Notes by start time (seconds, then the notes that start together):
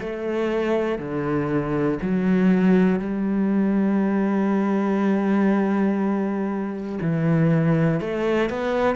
0.00 A3
0.98 D3
2.01 F#3
2.99 G3
7.01 E3
8.00 A3
8.49 B3